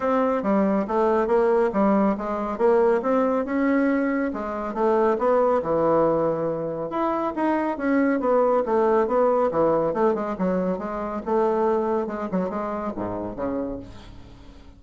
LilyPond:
\new Staff \with { instrumentName = "bassoon" } { \time 4/4 \tempo 4 = 139 c'4 g4 a4 ais4 | g4 gis4 ais4 c'4 | cis'2 gis4 a4 | b4 e2. |
e'4 dis'4 cis'4 b4 | a4 b4 e4 a8 gis8 | fis4 gis4 a2 | gis8 fis8 gis4 gis,4 cis4 | }